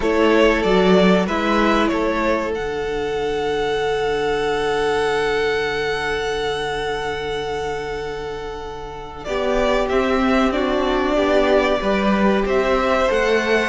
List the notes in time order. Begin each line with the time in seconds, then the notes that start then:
0.00 A3 E4 A4 C#5
0.62 F#3 F#4 D5
1.26 G#3 E4 B4 E5
1.88 A3 A4 C#5
2.55 D3 D4 F#5
9.24 B3 G4 D5
9.88 C4 E5
10.52 D4 F#4 D5
11.16 B3 G4
11.81 G3 G4 B4
12.45 C4 C5 E5
13.08 A3 A4 F#5